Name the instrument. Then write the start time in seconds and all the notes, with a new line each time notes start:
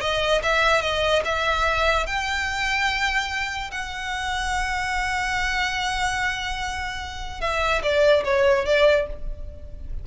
violin
0.00 D#5
0.42 E5
0.81 D#5
1.24 E5
2.06 G5
3.71 F#5
7.40 E5
7.82 D5
8.24 C#5
8.65 D5